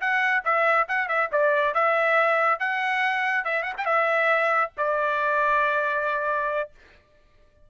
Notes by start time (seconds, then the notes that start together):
0.00 F#5
0.44 E5
0.88 F#5
1.08 E5
1.31 D5
1.74 E5
2.59 F#5
3.44 E5
3.62 F#5
3.77 G5
3.85 E5
4.77 D5